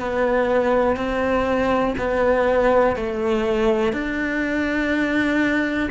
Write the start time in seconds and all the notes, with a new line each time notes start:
0.00 B3
0.97 C4
1.99 B3
2.96 A3
3.93 D4